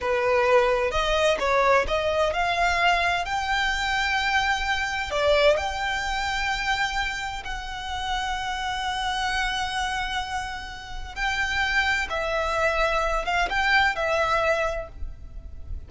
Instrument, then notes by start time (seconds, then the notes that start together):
violin
0.00 B4
0.91 D#5
1.39 C#5
1.87 D#5
2.33 F5
3.25 G5
5.11 D5
5.57 G5
7.44 F#5
11.15 G5
12.09 E5
13.25 F5
13.49 G5
13.95 E5